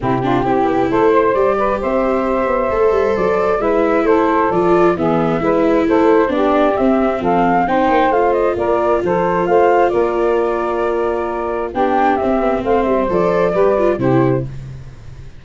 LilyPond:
<<
  \new Staff \with { instrumentName = "flute" } { \time 4/4 \tempo 4 = 133 g'2 c''4 d''4 | e''2. d''4 | e''4 c''4 d''4 e''4~ | e''4 c''4 d''4 e''4 |
f''4 g''4 f''8 dis''8 d''4 | c''4 f''4 d''2~ | d''2 g''4 e''4 | f''8 e''8 d''2 c''4 | }
  \new Staff \with { instrumentName = "saxophone" } { \time 4/4 e'8 f'8 g'4 a'8 c''4 b'8 | c''1 | b'4 a'2 gis'4 | b'4 a'4 g'2 |
a'4 c''2 ais'4 | a'4 c''4 ais'2~ | ais'2 g'2 | c''2 b'4 g'4 | }
  \new Staff \with { instrumentName = "viola" } { \time 4/4 c'8 d'8 e'2 g'4~ | g'2 a'2 | e'2 f'4 b4 | e'2 d'4 c'4~ |
c'4 dis'4 f'2~ | f'1~ | f'2 d'4 c'4~ | c'4 a'4 g'8 f'8 e'4 | }
  \new Staff \with { instrumentName = "tuba" } { \time 4/4 c4 c'8 b8 a4 g4 | c'4. b8 a8 g8 fis4 | gis4 a4 f4 e4 | gis4 a4 b4 c'4 |
f4 c'8 ais8 a4 ais4 | f4 a4 ais2~ | ais2 b4 c'8 b8 | a8 g8 f4 g4 c4 | }
>>